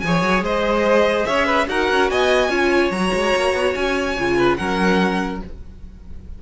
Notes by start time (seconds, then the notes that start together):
0.00 F3 G#4 G#5
0.07 C#5
0.23 F#3
0.42 G#3 C5 D#5
1.26 C#4 C#5 E5
1.46 B4
1.68 D#4 F#4 A#4 F#5
1.91 C#4
2.11 B3 D#5 G#5
2.49 C#4 F4 C#5
2.91 F#3 F#4 A#5
3.14 G#3
3.36 A#3
3.54 B3
3.75 C#4 G#5
4.19 C#3 F4
4.37 B4
4.56 F#3 C#4 A#4 F#5